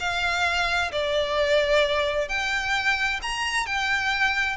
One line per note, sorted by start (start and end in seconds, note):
0.00 0.92 F5
0.92 2.29 D5
2.29 3.21 G5
3.22 3.66 A#5
3.66 4.57 G5